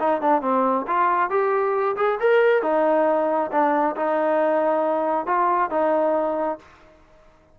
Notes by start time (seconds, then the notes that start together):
0.00 D#4
0.22 D4
0.42 C4
0.88 F4
1.30 G4
1.97 G#4
2.20 A#4
2.63 D#4
3.52 D4
3.97 D#4
5.27 F4
5.71 D#4